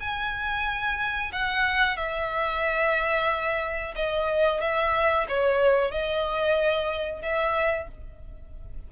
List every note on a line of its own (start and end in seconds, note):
0.00 1.32 G#5
1.32 1.97 F#5
1.97 3.94 E5
3.96 4.61 D#5
4.61 5.27 E5
5.28 5.91 C#5
5.91 7.22 D#5
7.22 7.88 E5